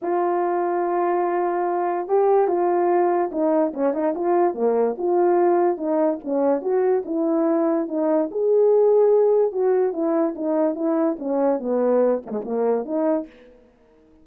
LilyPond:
\new Staff \with { instrumentName = "horn" } { \time 4/4 \tempo 4 = 145 f'1~ | f'4 g'4 f'2 | dis'4 cis'8 dis'8 f'4 ais4 | f'2 dis'4 cis'4 |
fis'4 e'2 dis'4 | gis'2. fis'4 | e'4 dis'4 e'4 cis'4 | b4. ais16 gis16 ais4 dis'4 | }